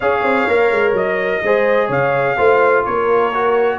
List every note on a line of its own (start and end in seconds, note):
0.00 0.23 C#4
0.00 0.48 G#4
0.00 1.42 C#5
0.00 0.92 F5
0.23 0.47 C4
0.47 0.71 A#3
0.47 1.43 A#4
0.71 0.93 G#3
0.93 1.40 F#3
0.93 1.91 D#5
1.43 1.88 G#3
1.43 2.37 G#4
1.43 1.87 C5
1.87 2.36 C#3
1.87 2.35 C#5
1.87 2.85 F5
2.37 2.85 A3
2.37 3.32 F4
2.37 2.84 C5
2.85 3.78 A#3
2.85 3.78 A#4
2.85 3.78 C#5
3.34 3.78 F#4